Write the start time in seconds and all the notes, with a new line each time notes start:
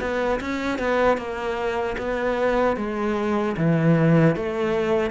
0.00 B3
0.40 C#4
0.78 B3
1.17 A#3
1.97 B3
2.76 G#3
3.57 E3
4.36 A3